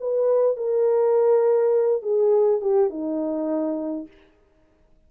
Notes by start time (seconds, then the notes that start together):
0.00 B4
0.56 A#4
2.02 G#4
2.61 G4
2.90 D#4